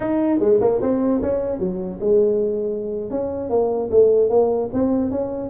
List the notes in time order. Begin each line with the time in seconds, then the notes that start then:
0.00 D#4
0.39 G#3
0.60 A#3
0.81 C4
1.22 C#4
1.59 F#3
2.00 G#3
3.10 C#4
3.49 A#3
3.90 A3
4.29 A#3
4.73 C4
5.10 C#4